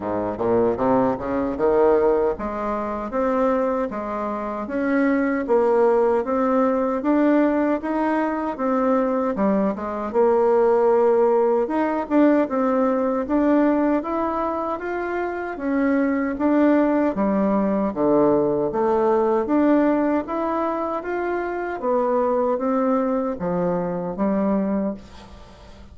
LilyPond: \new Staff \with { instrumentName = "bassoon" } { \time 4/4 \tempo 4 = 77 gis,8 ais,8 c8 cis8 dis4 gis4 | c'4 gis4 cis'4 ais4 | c'4 d'4 dis'4 c'4 | g8 gis8 ais2 dis'8 d'8 |
c'4 d'4 e'4 f'4 | cis'4 d'4 g4 d4 | a4 d'4 e'4 f'4 | b4 c'4 f4 g4 | }